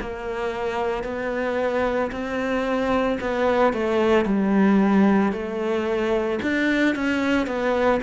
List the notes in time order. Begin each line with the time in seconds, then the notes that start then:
0.00 A#3
1.03 B3
2.11 C4
3.20 B3
3.73 A3
4.25 G3
5.32 A3
6.42 D4
6.95 C#4
7.47 B3